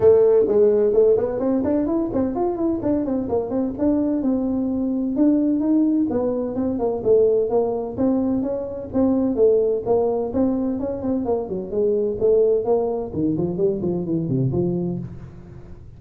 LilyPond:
\new Staff \with { instrumentName = "tuba" } { \time 4/4 \tempo 4 = 128 a4 gis4 a8 b8 c'8 d'8 | e'8 c'8 f'8 e'8 d'8 c'8 ais8 c'8 | d'4 c'2 d'4 | dis'4 b4 c'8 ais8 a4 |
ais4 c'4 cis'4 c'4 | a4 ais4 c'4 cis'8 c'8 | ais8 fis8 gis4 a4 ais4 | dis8 f8 g8 f8 e8 c8 f4 | }